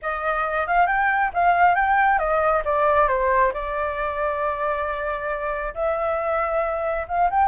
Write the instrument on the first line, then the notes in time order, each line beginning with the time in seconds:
flute
0.02 D#5
0.67 F5
0.86 G5
1.33 F5
1.75 G5
2.18 D#5
2.64 D5
3.07 C5
3.53 D5
5.74 E5
7.08 F5
7.30 G5